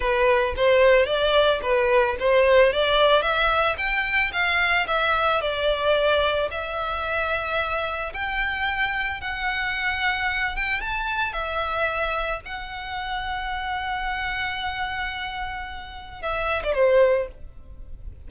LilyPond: \new Staff \with { instrumentName = "violin" } { \time 4/4 \tempo 4 = 111 b'4 c''4 d''4 b'4 | c''4 d''4 e''4 g''4 | f''4 e''4 d''2 | e''2. g''4~ |
g''4 fis''2~ fis''8 g''8 | a''4 e''2 fis''4~ | fis''1~ | fis''2 e''8. d''16 c''4 | }